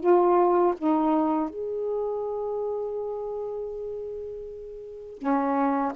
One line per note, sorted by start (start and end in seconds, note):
0.00 0.74 F4
0.77 1.49 D#4
1.49 5.18 G#4
5.18 5.92 C#4